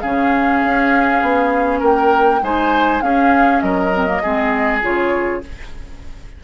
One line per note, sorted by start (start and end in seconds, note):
0.00 0.63 C#3
0.00 2.42 C#4
0.00 1.79 G#4
0.00 1.80 F5
0.64 1.22 C#4
1.22 1.81 B3
1.79 2.41 A#3
1.79 2.39 A#4
1.79 2.44 G5
2.42 3.01 G#3
2.42 3.02 D#4
2.42 3.04 C5
2.42 3.02 G#5
3.01 3.61 C#4
3.01 3.92 C#4
3.01 3.64 G#4
3.01 3.60 F5
3.60 4.22 F#3
3.60 4.22 A#4
3.60 4.80 D#5
3.93 4.07 C4
4.07 4.21 A#3
4.22 4.82 G#3
4.22 4.82 C4
4.22 5.42 G#4
4.82 5.42 C#3
4.82 5.42 F4
4.82 5.43 C#5